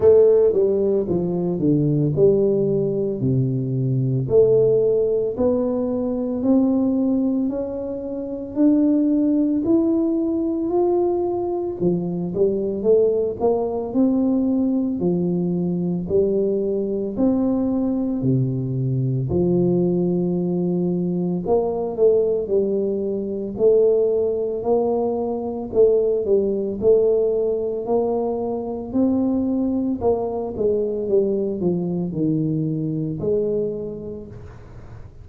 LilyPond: \new Staff \with { instrumentName = "tuba" } { \time 4/4 \tempo 4 = 56 a8 g8 f8 d8 g4 c4 | a4 b4 c'4 cis'4 | d'4 e'4 f'4 f8 g8 | a8 ais8 c'4 f4 g4 |
c'4 c4 f2 | ais8 a8 g4 a4 ais4 | a8 g8 a4 ais4 c'4 | ais8 gis8 g8 f8 dis4 gis4 | }